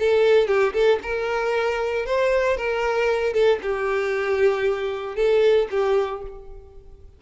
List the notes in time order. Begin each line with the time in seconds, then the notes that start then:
0.00 A4
0.48 G4
0.74 A4
1.03 A#4
2.06 C5
2.57 A#4
3.34 A4
3.63 G4
5.17 A4
5.71 G4